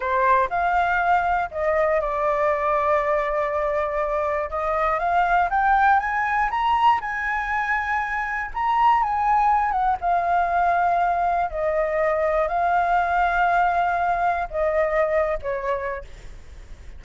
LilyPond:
\new Staff \with { instrumentName = "flute" } { \time 4/4 \tempo 4 = 120 c''4 f''2 dis''4 | d''1~ | d''4 dis''4 f''4 g''4 | gis''4 ais''4 gis''2~ |
gis''4 ais''4 gis''4. fis''8 | f''2. dis''4~ | dis''4 f''2.~ | f''4 dis''4.~ dis''16 cis''4~ cis''16 | }